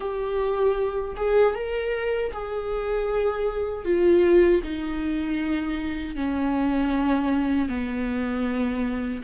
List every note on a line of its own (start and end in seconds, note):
0.00 1.15 G4
1.16 1.54 G#4
1.55 2.31 A#4
2.32 3.85 G#4
3.85 4.62 F4
4.63 6.15 D#4
6.15 7.68 C#4
7.68 9.22 B3